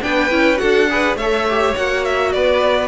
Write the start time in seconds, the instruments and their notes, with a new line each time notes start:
0.00 cello B3, viola D4, violin B4 G5
0.30 cello C#4, viola E4
0.56 cello D4, viola F#4, violin A4 F#5
0.89 viola G#4, violin B4
1.15 cello A3, violin C#5 E5
1.22 viola A4
1.49 viola G4
1.75 cello A#3, viola F#4, violin F#5
2.04 violin E5
2.32 cello B3, violin B4 D5